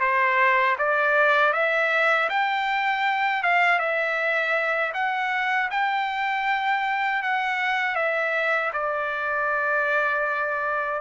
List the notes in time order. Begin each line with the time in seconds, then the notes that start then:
0.00 C5
0.78 D5
1.53 E5
2.29 G5
3.42 F5
3.78 E5
4.93 F#5
5.70 G5
7.22 F#5
7.95 E5
8.73 D5